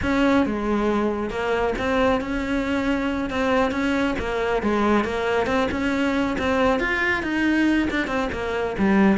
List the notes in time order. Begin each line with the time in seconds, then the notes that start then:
0.02 C#4
0.46 G#3
1.29 A#3
1.78 C4
2.20 C#4
3.30 C4
3.71 C#4
4.18 A#3
4.62 G#3
5.04 A#3
5.46 C4
5.71 C#4
6.38 C4
6.79 F4
7.22 D#4
7.90 D4
8.07 C4
8.32 A#3
8.78 G3